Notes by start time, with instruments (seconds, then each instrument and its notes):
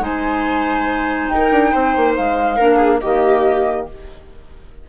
0.00 bassoon G#3, clarinet D#4, viola C5, flute G#5
1.28 bassoon D#4, flute G5
1.35 viola A#4
1.51 bassoon D4
1.71 bassoon C4, viola C5
1.96 bassoon A#3
2.16 bassoon G#3, flute F5
2.56 bassoon A#3, clarinet D4, viola A#4
2.76 viola G#4
3.00 bassoon D#3, clarinet A#3, viola G4, flute D#5